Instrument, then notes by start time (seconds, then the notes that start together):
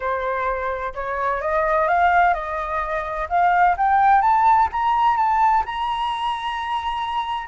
flute
0.00 C5
0.94 C#5
1.41 D#5
1.88 F5
2.34 D#5
3.29 F5
3.77 G5
4.21 A5
4.72 A#5
5.16 A5
5.65 A#5